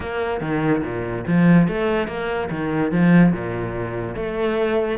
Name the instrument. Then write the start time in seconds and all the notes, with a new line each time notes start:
cello
0.00 A#3
0.40 D#3
0.83 A#2
1.27 F3
1.68 A3
2.07 A#3
2.50 D#3
2.91 F3
3.32 A#2
4.15 A3